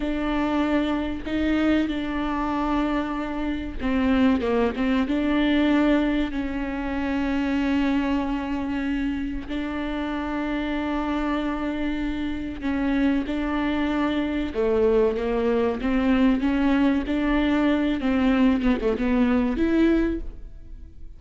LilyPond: \new Staff \with { instrumentName = "viola" } { \time 4/4 \tempo 4 = 95 d'2 dis'4 d'4~ | d'2 c'4 ais8 c'8 | d'2 cis'2~ | cis'2. d'4~ |
d'1 | cis'4 d'2 a4 | ais4 c'4 cis'4 d'4~ | d'8 c'4 b16 a16 b4 e'4 | }